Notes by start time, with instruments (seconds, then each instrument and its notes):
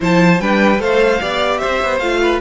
0.00 cello F3, viola E4, violin C5 A5
0.40 cello G3, viola D4, violin B4 G5
0.78 cello A3, viola A4, violin C5 F5
1.20 cello B3, viola G4, violin D5
1.57 violin C5 E5
1.64 cello C4
1.83 cello B3
1.98 cello A3, viola F4, violin F5
2.21 violin B4